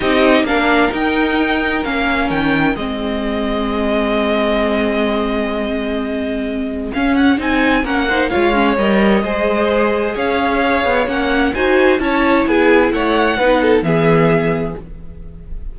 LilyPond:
<<
  \new Staff \with { instrumentName = "violin" } { \time 4/4 \tempo 4 = 130 dis''4 f''4 g''2 | f''4 g''4 dis''2~ | dis''1~ | dis''2. f''8 fis''8 |
gis''4 fis''4 f''4 dis''4~ | dis''2 f''2 | fis''4 gis''4 a''4 gis''4 | fis''2 e''2 | }
  \new Staff \with { instrumentName = "violin" } { \time 4/4 g'4 ais'2.~ | ais'2 gis'2~ | gis'1~ | gis'1~ |
gis'4 ais'8 c''8 cis''2 | c''2 cis''2~ | cis''4 c''4 cis''4 gis'4 | cis''4 b'8 a'8 gis'2 | }
  \new Staff \with { instrumentName = "viola" } { \time 4/4 dis'4 d'4 dis'2 | cis'2 c'2~ | c'1~ | c'2. cis'4 |
dis'4 cis'8 dis'8 f'8 cis'8 ais'4 | gis'1 | cis'4 fis'4 e'2~ | e'4 dis'4 b2 | }
  \new Staff \with { instrumentName = "cello" } { \time 4/4 c'4 ais4 dis'2 | ais4 dis4 gis2~ | gis1~ | gis2. cis'4 |
c'4 ais4 gis4 g4 | gis2 cis'4. b8 | ais4 dis'4 cis'4 b4 | a4 b4 e2 | }
>>